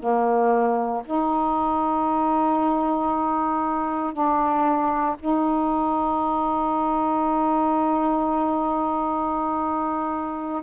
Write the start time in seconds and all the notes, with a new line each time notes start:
0.00 A#3
1.06 D#4
4.13 D4
5.20 D#4